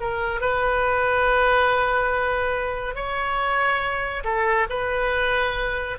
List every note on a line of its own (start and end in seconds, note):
0.00 0.41 A#4
0.41 2.95 B4
2.95 4.24 C#5
4.24 4.67 A4
4.69 5.98 B4